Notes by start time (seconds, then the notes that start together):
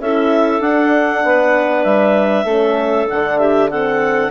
0.00 C#4 E4 A4 E5
0.60 D4 F#5
1.24 B3 B4
1.84 G3 E5
2.45 A3 C#4 A4
3.07 D3 D4 F#5
3.39 G4 E5
3.69 C4 A4 F#5